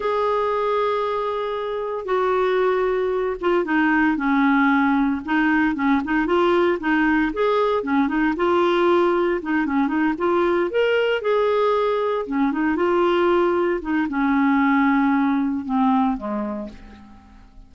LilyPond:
\new Staff \with { instrumentName = "clarinet" } { \time 4/4 \tempo 4 = 115 gis'1 | fis'2~ fis'8 f'8 dis'4 | cis'2 dis'4 cis'8 dis'8 | f'4 dis'4 gis'4 cis'8 dis'8 |
f'2 dis'8 cis'8 dis'8 f'8~ | f'8 ais'4 gis'2 cis'8 | dis'8 f'2 dis'8 cis'4~ | cis'2 c'4 gis4 | }